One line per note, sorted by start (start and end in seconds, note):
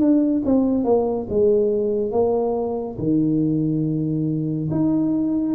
0.00 0.43 D4
0.45 0.85 C4
0.85 1.27 A#3
1.30 2.12 G#3
2.12 2.98 A#3
2.98 4.70 D#3
4.71 5.56 D#4